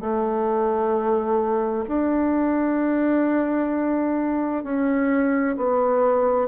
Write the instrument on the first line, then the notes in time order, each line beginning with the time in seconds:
bassoon
0.00 A3
1.88 D4
4.63 C#4
5.56 B3